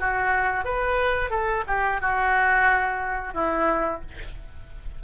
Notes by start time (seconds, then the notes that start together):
0.00 F#4
0.65 B4
1.31 A4
1.67 G4
2.01 F#4
3.34 E4